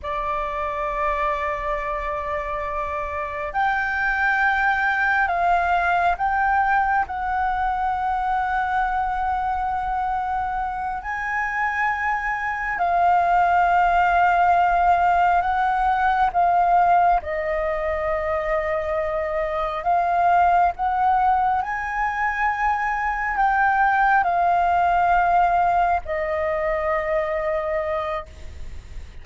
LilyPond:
\new Staff \with { instrumentName = "flute" } { \time 4/4 \tempo 4 = 68 d''1 | g''2 f''4 g''4 | fis''1~ | fis''8 gis''2 f''4.~ |
f''4. fis''4 f''4 dis''8~ | dis''2~ dis''8 f''4 fis''8~ | fis''8 gis''2 g''4 f''8~ | f''4. dis''2~ dis''8 | }